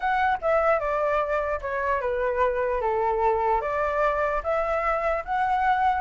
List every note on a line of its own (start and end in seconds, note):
0.00 0.38 F#5
0.41 0.79 E5
0.79 1.60 D5
1.61 2.01 C#5
2.01 2.81 B4
2.81 3.61 A4
3.61 4.41 D5
4.43 5.23 E5
5.24 6.01 F#5